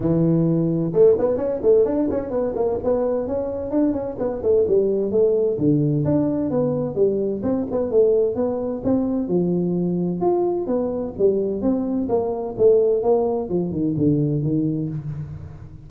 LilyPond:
\new Staff \with { instrumentName = "tuba" } { \time 4/4 \tempo 4 = 129 e2 a8 b8 cis'8 a8 | d'8 cis'8 b8 ais8 b4 cis'4 | d'8 cis'8 b8 a8 g4 a4 | d4 d'4 b4 g4 |
c'8 b8 a4 b4 c'4 | f2 f'4 b4 | g4 c'4 ais4 a4 | ais4 f8 dis8 d4 dis4 | }